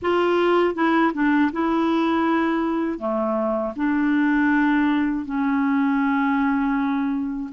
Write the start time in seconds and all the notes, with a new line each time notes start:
0.02 F4
0.74 E4
1.13 D4
1.52 E4
2.98 A3
3.75 D4
5.25 C#4